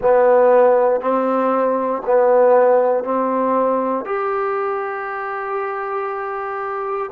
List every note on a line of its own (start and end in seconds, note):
0.01 1.00 B3
1.00 2.02 C4
2.05 3.04 B3
3.04 4.05 C4
4.05 7.10 G4